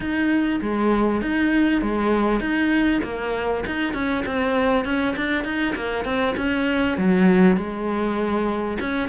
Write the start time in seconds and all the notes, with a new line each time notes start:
0.00 D#4
0.61 G#3
1.21 D#4
1.81 G#3
2.40 D#4
3.03 A#3
3.66 D#4
3.93 C#4
4.26 C4
4.85 C#4
5.16 D4
5.44 D#4
5.75 A#3
6.04 C4
6.36 C#4
6.97 F#3
7.56 G#3
8.80 C#4